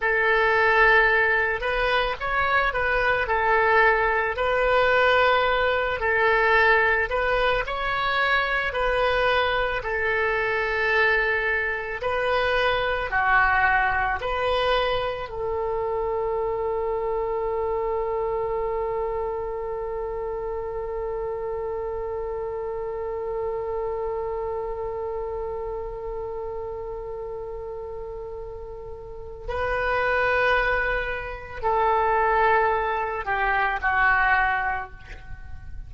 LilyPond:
\new Staff \with { instrumentName = "oboe" } { \time 4/4 \tempo 4 = 55 a'4. b'8 cis''8 b'8 a'4 | b'4. a'4 b'8 cis''4 | b'4 a'2 b'4 | fis'4 b'4 a'2~ |
a'1~ | a'1~ | a'2. b'4~ | b'4 a'4. g'8 fis'4 | }